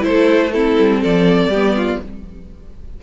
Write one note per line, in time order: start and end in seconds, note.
0.00 0.76 A3
0.00 0.49 E4
0.00 0.52 C5
0.07 0.53 A4
0.52 1.52 C4
0.52 1.01 E4
0.52 1.01 A4
0.79 1.04 G3
1.01 1.47 F3
1.01 1.50 A4
1.01 2.02 D5
1.47 1.96 G3
1.47 1.75 G4
1.53 2.02 B3
1.76 2.01 F4